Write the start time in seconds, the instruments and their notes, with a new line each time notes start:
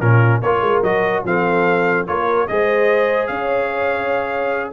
0.00 tuba A#2, trombone C#4, horn F4, trumpet A#4
0.42 tuba A#3, trombone F4, horn A#4, trumpet C#5
0.61 tuba G#3
0.82 tuba F#3, trombone F#4, trumpet D#5
1.24 tuba F3, trombone C4, horn A4, trumpet F5
2.07 tuba A#3, trombone F4, horn A#4, trumpet C#5
2.47 tuba G#3, trombone G#4, horn C5, trumpet D#5
3.27 tuba C#4, horn C#5, trumpet F5